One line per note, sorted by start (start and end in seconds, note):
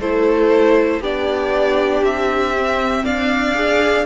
0.00 1.00 A3
0.00 1.03 E4
0.00 1.00 A4
0.00 1.02 C5
1.00 2.02 B3
1.00 2.56 D4
1.00 3.04 G4
1.00 2.04 D5
2.02 3.04 C4
2.02 3.05 E5
2.57 3.55 C4
3.04 4.06 D4
3.04 4.06 D5
3.04 4.06 F5
3.55 4.06 G#4